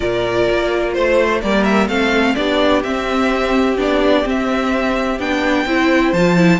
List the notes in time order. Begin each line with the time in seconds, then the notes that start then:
0.00 A#2 F4 A#4 D5
0.50 A#3
0.93 A3 C5
1.41 G3 A#3 A#4 D5
1.64 E5
1.88 A3 C4 A4 F5
2.35 B3 D4 G4 D5
2.82 C4 E5
3.77 B3 D4 D5
4.23 C4 E5
5.19 B3 D4 G5
5.65 C4 E4 C5
6.12 F3 F4 A5
6.36 E4